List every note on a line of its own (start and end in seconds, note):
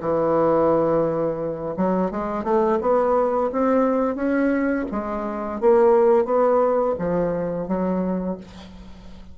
0.00 1.74 E3
1.76 2.11 F#3
2.11 2.43 G#3
2.43 2.78 A3
2.80 3.50 B3
3.52 4.15 C4
4.15 4.85 C#4
4.91 5.60 G#3
5.60 6.25 A#3
6.25 6.95 B3
6.98 7.67 F3
7.67 8.37 F#3